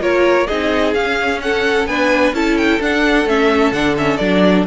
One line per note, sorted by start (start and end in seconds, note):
0.00 0.47 A#3
0.00 0.47 F4
0.00 0.47 A#4
0.00 0.47 C#5
0.47 0.95 C4
0.47 0.96 D#4
0.47 1.40 G#4
0.47 0.94 D#5
0.94 1.86 C#4
0.94 1.89 C#4
0.94 1.41 F5
1.42 1.89 A4
1.42 1.87 F#5
1.86 2.33 B3
1.86 2.34 D4
1.86 2.35 B4
1.86 2.33 G#5
2.33 2.79 C#4
2.33 2.80 E4
2.33 4.67 A4
2.33 2.58 A5
2.58 2.81 G5
2.80 3.25 D4
2.80 3.27 D4
2.80 3.29 F#5
3.25 3.72 A3
3.25 3.73 C#4
3.25 3.72 E5
3.72 4.19 D3
3.72 3.97 D4
3.72 3.95 F#5
3.97 4.20 C#4
3.97 4.17 E5
4.17 4.66 F#3
4.17 4.67 D4
4.17 4.64 D5